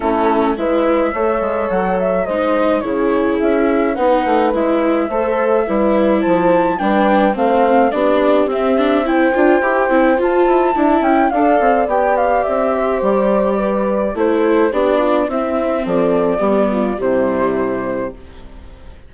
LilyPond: <<
  \new Staff \with { instrumentName = "flute" } { \time 4/4 \tempo 4 = 106 a'4 e''2 fis''8 e''8 | dis''4 cis''4 e''4 fis''4 | e''2. a''4 | g''4 f''4 d''4 e''4 |
g''2 a''4. g''8 | f''4 g''8 f''8 e''4 d''4~ | d''4 c''4 d''4 e''4 | d''2 c''2 | }
  \new Staff \with { instrumentName = "horn" } { \time 4/4 e'4 b'4 cis''2 | c''4 gis'2 b'4~ | b'4 c''4 b'4 c''4 | b'4 c''4 g'2 |
c''2. e''4 | d''2~ d''8 c''4. | b'4 a'4 g'8 f'8 e'4 | a'4 g'8 f'8 e'2 | }
  \new Staff \with { instrumentName = "viola" } { \time 4/4 cis'4 e'4 a'2 | dis'4 e'2 dis'4 | e'4 a'4 e'2 | d'4 c'4 d'4 c'8 d'8 |
e'8 f'8 g'8 e'8 f'4 e'4 | a'4 g'2.~ | g'4 e'4 d'4 c'4~ | c'4 b4 g2 | }
  \new Staff \with { instrumentName = "bassoon" } { \time 4/4 a4 gis4 a8 gis8 fis4 | gis4 cis4 cis'4 b8 a8 | gis4 a4 g4 f4 | g4 a4 b4 c'4~ |
c'8 d'8 e'8 c'8 f'8 e'8 d'8 cis'8 | d'8 c'8 b4 c'4 g4~ | g4 a4 b4 c'4 | f4 g4 c2 | }
>>